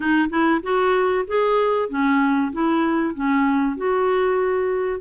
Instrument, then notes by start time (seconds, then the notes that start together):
clarinet
0.00 D#4
0.29 E4
0.62 F#4
1.27 G#4
1.89 C#4
2.52 E4
3.14 C#4
3.76 F#4